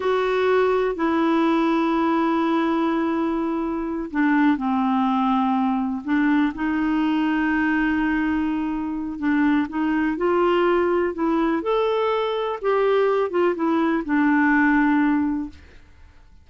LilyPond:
\new Staff \with { instrumentName = "clarinet" } { \time 4/4 \tempo 4 = 124 fis'2 e'2~ | e'1~ | e'8 d'4 c'2~ c'8~ | c'8 d'4 dis'2~ dis'8~ |
dis'2. d'4 | dis'4 f'2 e'4 | a'2 g'4. f'8 | e'4 d'2. | }